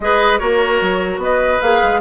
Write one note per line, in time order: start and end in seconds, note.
0.00 0.40 G#3
0.00 0.39 G#4
0.00 0.39 B4
0.00 0.38 D#5
0.38 0.81 A#3
0.38 1.60 F#4
0.38 1.20 A#4
0.38 1.18 C#5
0.81 1.17 F#3
1.17 1.57 B3
1.17 2.00 B4
1.17 1.61 D#5
1.61 1.82 A#3
1.61 2.00 G#4
1.61 2.00 F5
1.82 2.00 G#3